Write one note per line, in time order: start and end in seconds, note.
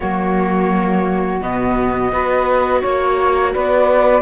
0.00 1.41 F#3
0.00 1.41 A#3
0.00 2.12 F#4
0.00 1.39 C#5
1.41 2.11 B2
1.41 2.12 B3
1.41 2.82 D#5
2.11 2.82 B3
2.11 4.22 F#4
2.11 2.79 B4
2.79 3.55 A#3
2.79 3.50 C#5
2.79 3.53 C#5
3.53 4.22 B3
3.53 4.22 B4
3.53 4.22 D5